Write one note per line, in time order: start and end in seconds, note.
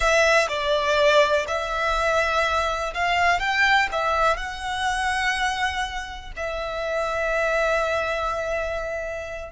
0.00 0.47 E5
0.48 1.46 D5
1.47 2.93 E5
2.94 3.39 F5
3.39 3.88 G5
3.92 4.37 E5
4.37 6.32 F#5
6.36 9.52 E5